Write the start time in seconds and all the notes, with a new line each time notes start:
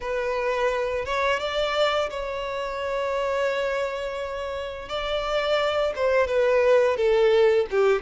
0.00 B4
1.05 C#5
1.40 D5
2.10 C#5
4.88 D5
5.95 C5
6.27 B4
6.96 A4
7.70 G4